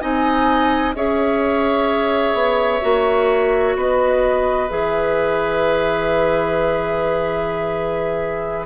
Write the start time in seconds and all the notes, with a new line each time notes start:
0.00 C4 D#4 D#5 G#5
0.95 C#4 G#4 C#5 E5
2.34 B3
2.82 A#3 F#4
3.76 B3 B4 D#5
4.69 E3 G#4 E5